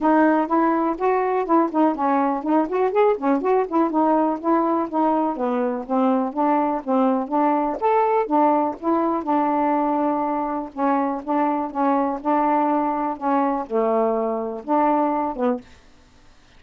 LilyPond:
\new Staff \with { instrumentName = "saxophone" } { \time 4/4 \tempo 4 = 123 dis'4 e'4 fis'4 e'8 dis'8 | cis'4 dis'8 fis'8 gis'8 cis'8 fis'8 e'8 | dis'4 e'4 dis'4 b4 | c'4 d'4 c'4 d'4 |
a'4 d'4 e'4 d'4~ | d'2 cis'4 d'4 | cis'4 d'2 cis'4 | a2 d'4. b8 | }